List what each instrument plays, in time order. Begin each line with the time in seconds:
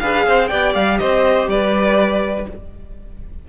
0.00 cello D4, viola G#4, violin B4 F5
0.27 cello C4, violin C5
0.48 cello B3, viola G4, violin D5 G5
0.75 cello G3, violin F5
0.98 cello C4, violin C5 D#5
1.48 cello G3, violin B4 D5